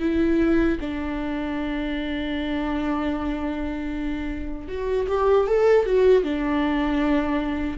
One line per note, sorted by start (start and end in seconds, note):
0.00 0.78 E4
0.80 4.68 D4
4.68 5.07 F#4
5.08 5.47 G4
5.47 5.85 A4
5.85 6.23 F#4
6.23 7.78 D4